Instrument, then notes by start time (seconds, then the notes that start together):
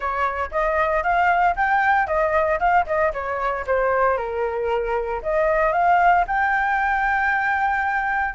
flute
0.00 C#5
0.51 D#5
1.03 F5
1.55 G5
2.07 D#5
2.59 F5
2.86 D#5
3.13 C#5
3.66 C5
4.17 A#4
5.22 D#5
5.72 F5
6.27 G5